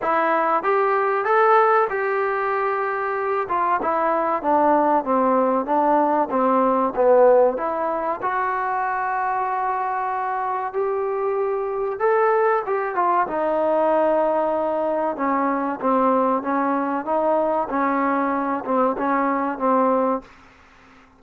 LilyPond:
\new Staff \with { instrumentName = "trombone" } { \time 4/4 \tempo 4 = 95 e'4 g'4 a'4 g'4~ | g'4. f'8 e'4 d'4 | c'4 d'4 c'4 b4 | e'4 fis'2.~ |
fis'4 g'2 a'4 | g'8 f'8 dis'2. | cis'4 c'4 cis'4 dis'4 | cis'4. c'8 cis'4 c'4 | }